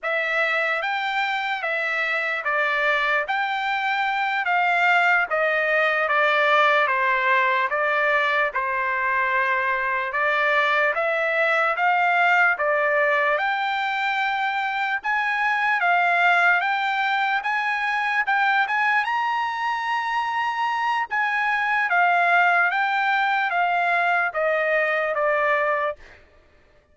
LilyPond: \new Staff \with { instrumentName = "trumpet" } { \time 4/4 \tempo 4 = 74 e''4 g''4 e''4 d''4 | g''4. f''4 dis''4 d''8~ | d''8 c''4 d''4 c''4.~ | c''8 d''4 e''4 f''4 d''8~ |
d''8 g''2 gis''4 f''8~ | f''8 g''4 gis''4 g''8 gis''8 ais''8~ | ais''2 gis''4 f''4 | g''4 f''4 dis''4 d''4 | }